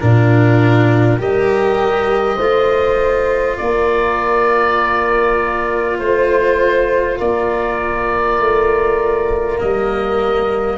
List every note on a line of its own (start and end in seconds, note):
0.00 1.20 A#2
0.00 1.19 D4
0.00 1.20 F4
0.00 1.20 A#4
1.19 2.38 G3
1.19 2.39 G4
1.19 2.37 A#4
1.19 3.58 D#5
2.37 3.58 A3
2.37 9.59 F4
2.37 3.57 C5
3.58 5.99 A#3
3.58 6.01 A#4
3.58 5.98 D5
5.99 7.19 A3
5.99 7.19 C5
7.19 8.39 A#3
7.19 10.78 A#4
7.19 9.60 D5
8.39 9.59 A3
9.59 10.78 G3
9.59 10.78 A#3
9.59 10.78 D#5